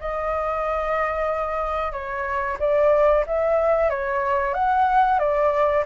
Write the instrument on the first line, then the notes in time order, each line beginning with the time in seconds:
flute
0.00 D#5
1.92 C#5
2.59 D5
3.26 E5
3.89 C#5
4.54 F#5
5.18 D5